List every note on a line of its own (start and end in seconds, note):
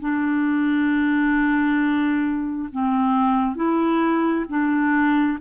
0.00 2.69 D4
2.72 3.56 C4
3.56 4.45 E4
4.49 5.39 D4